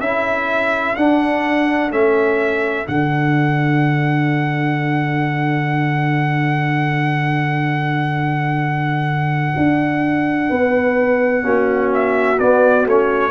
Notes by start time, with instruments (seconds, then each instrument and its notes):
0.00 tuba C#4, trombone E4, horn A4, trumpet E5
0.96 tuba D4, trombone D4, trumpet F#5
1.91 tuba A3, trombone C#4, trumpet E5
2.85 tuba D3, trombone D4, trumpet F#5
9.57 tuba D4
10.50 tuba B3, horn B4
11.42 tuba A#3, trombone C#4, horn F#4
11.94 trumpet E5
12.39 tuba B3, trombone B3, trumpet D5
12.86 tuba A3, trombone C#4, trumpet C#5